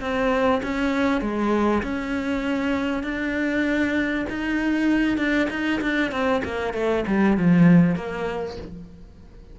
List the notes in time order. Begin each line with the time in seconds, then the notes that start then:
0.00 C4
0.62 C#4
1.21 G#3
1.82 C#4
3.03 D4
4.29 D#4
5.17 D4
5.50 D#4
5.81 D4
6.11 C4
6.44 A#3
6.73 A3
7.07 G3
7.37 F3
7.95 A#3